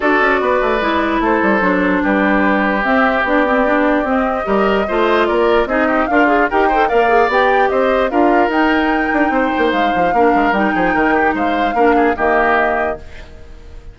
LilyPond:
<<
  \new Staff \with { instrumentName = "flute" } { \time 4/4 \tempo 4 = 148 d''2. c''4~ | c''4 b'2 e''4 | d''2 dis''2~ | dis''4 d''4 dis''4 f''4 |
g''4 f''4 g''4 dis''4 | f''4 g''2. | f''2 g''2 | f''2 dis''2 | }
  \new Staff \with { instrumentName = "oboe" } { \time 4/4 a'4 b'2 a'4~ | a'4 g'2.~ | g'2. ais'4 | c''4 ais'4 gis'8 g'8 f'4 |
ais'8 c''8 d''2 c''4 | ais'2. c''4~ | c''4 ais'4. gis'8 ais'8 g'8 | c''4 ais'8 gis'8 g'2 | }
  \new Staff \with { instrumentName = "clarinet" } { \time 4/4 fis'2 e'2 | d'2. c'4 | d'8 c'8 d'4 c'4 g'4 | f'2 dis'4 ais'8 gis'8 |
g'8 a'8 ais'8 gis'8 g'2 | f'4 dis'2.~ | dis'4 d'4 dis'2~ | dis'4 d'4 ais2 | }
  \new Staff \with { instrumentName = "bassoon" } { \time 4/4 d'8 cis'8 b8 a8 gis4 a8 g8 | fis4 g2 c'4 | b2 c'4 g4 | a4 ais4 c'4 d'4 |
dis'4 ais4 b4 c'4 | d'4 dis'4. d'8 c'8 ais8 | gis8 f8 ais8 gis8 g8 f8 dis4 | gis4 ais4 dis2 | }
>>